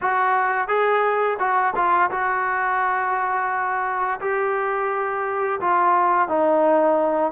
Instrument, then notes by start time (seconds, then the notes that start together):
trombone
0.01 F#4
0.68 G#4
1.39 F#4
1.75 F4
2.10 F#4
4.20 G4
5.60 F4
6.28 D#4